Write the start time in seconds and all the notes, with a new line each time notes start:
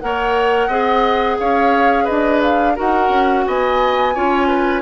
0.00 A#3 A#4 C#5 F#5
0.68 C4 G#4 D#5
1.38 C#4 C#5 F5
2.04 D4 B4 D#5
2.42 F5
2.76 D#4 F#4 A#4 F#5
3.09 C#4
3.46 B3 D#5 G#5
4.15 C#4 F4 C#5
4.48 B4